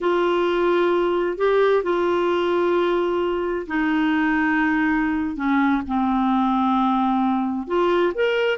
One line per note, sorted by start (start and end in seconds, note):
0.01 1.37 F4
1.37 1.83 G4
1.83 3.66 F4
3.67 5.36 D#4
5.36 5.82 C#4
5.87 7.67 C4
7.67 8.13 F4
8.14 8.58 A#4